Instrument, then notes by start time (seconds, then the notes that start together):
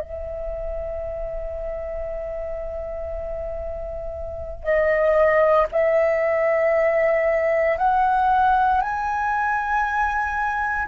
flute
0.00 E5
4.63 D#5
5.71 E5
7.77 F#5
8.81 G#5